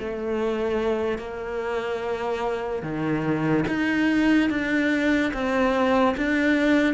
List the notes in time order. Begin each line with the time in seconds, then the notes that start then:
0.00 A3
1.18 A#3
2.83 D#3
3.68 D#4
4.50 D4
5.34 C4
6.17 D4